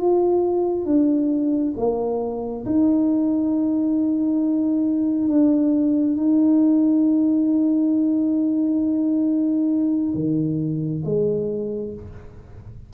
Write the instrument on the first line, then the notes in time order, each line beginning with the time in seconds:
tuba
0.00 F4
0.86 D4
1.77 A#3
2.66 D#4
5.29 D4
6.17 D#4
10.15 D#3
11.05 G#3